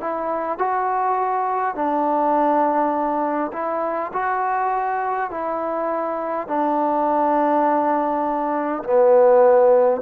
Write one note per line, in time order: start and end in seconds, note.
0.00 0.58 E4
0.58 1.75 F#4
1.75 3.51 D4
3.52 4.11 E4
4.12 5.30 F#4
5.30 6.48 E4
6.48 8.83 D4
8.83 10.01 B3